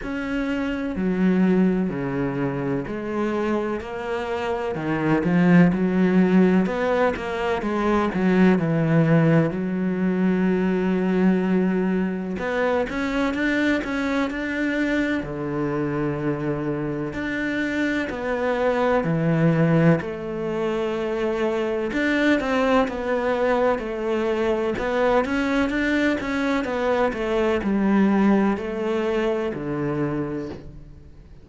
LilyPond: \new Staff \with { instrumentName = "cello" } { \time 4/4 \tempo 4 = 63 cis'4 fis4 cis4 gis4 | ais4 dis8 f8 fis4 b8 ais8 | gis8 fis8 e4 fis2~ | fis4 b8 cis'8 d'8 cis'8 d'4 |
d2 d'4 b4 | e4 a2 d'8 c'8 | b4 a4 b8 cis'8 d'8 cis'8 | b8 a8 g4 a4 d4 | }